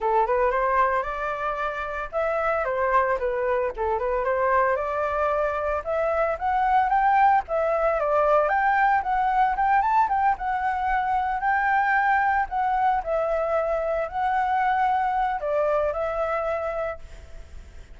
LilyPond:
\new Staff \with { instrumentName = "flute" } { \time 4/4 \tempo 4 = 113 a'8 b'8 c''4 d''2 | e''4 c''4 b'4 a'8 b'8 | c''4 d''2 e''4 | fis''4 g''4 e''4 d''4 |
g''4 fis''4 g''8 a''8 g''8 fis''8~ | fis''4. g''2 fis''8~ | fis''8 e''2 fis''4.~ | fis''4 d''4 e''2 | }